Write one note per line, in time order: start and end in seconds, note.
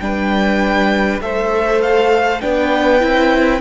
0.00 1.21 G3
0.00 1.21 D4
0.00 1.23 B4
0.00 1.20 G5
1.21 2.41 A3
1.21 2.42 A4
1.21 2.42 C5
1.21 1.82 E5
1.82 2.42 F5
2.42 3.02 B3
2.42 3.00 D4
2.42 3.62 B4
2.42 3.62 G5
3.00 3.62 C4
3.00 3.60 E4